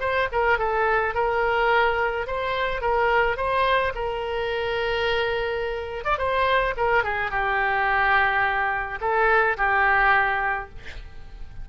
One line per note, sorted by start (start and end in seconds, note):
0.00 0.28 C5
0.32 0.58 A#4
0.58 1.14 A4
1.14 2.27 A#4
2.27 2.81 C5
2.81 3.36 A#4
3.36 3.93 C5
3.95 6.04 A#4
6.04 6.18 D5
6.18 6.74 C5
6.77 7.04 A#4
7.04 7.31 G#4
7.31 8.99 G4
9.01 9.57 A4
9.57 10.69 G4